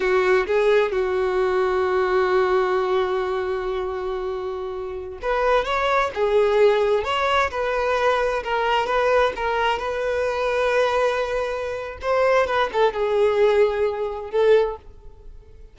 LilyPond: \new Staff \with { instrumentName = "violin" } { \time 4/4 \tempo 4 = 130 fis'4 gis'4 fis'2~ | fis'1~ | fis'2.~ fis'16 b'8.~ | b'16 cis''4 gis'2 cis''8.~ |
cis''16 b'2 ais'4 b'8.~ | b'16 ais'4 b'2~ b'8.~ | b'2 c''4 b'8 a'8 | gis'2. a'4 | }